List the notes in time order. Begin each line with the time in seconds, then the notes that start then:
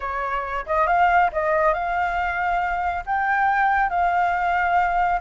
0.00 C#5
0.66 D#5
0.86 F5
1.32 D#5
1.73 F5
3.06 G5
3.89 F5